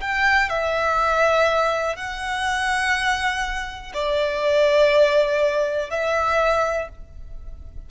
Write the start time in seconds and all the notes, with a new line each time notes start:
0.00 G5
0.49 E5
1.95 F#5
3.93 D5
5.90 E5